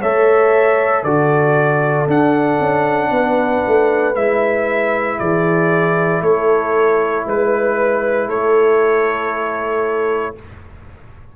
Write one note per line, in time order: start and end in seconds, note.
0.00 1.03 A3
0.00 1.06 A4
0.00 1.02 C#5
0.00 1.03 E5
1.02 2.06 D3
1.02 2.07 F#4
1.02 3.09 A4
1.02 2.07 D5
2.07 2.58 D4
2.07 4.14 D4
2.07 4.15 F#5
2.60 3.10 C#4
3.10 3.62 B3
3.10 5.19 B4
3.67 4.15 A3
4.14 5.18 G#3
4.14 10.35 E4
4.14 5.19 E5
5.19 6.21 E3
5.19 6.22 G#4
5.19 6.22 D5
6.21 7.25 A3
6.21 7.25 A4
6.21 7.26 C#5
7.25 8.27 G#3
7.25 8.27 B4
7.25 8.29 B4
8.27 10.34 A3
8.27 10.33 A4
8.27 10.36 C#5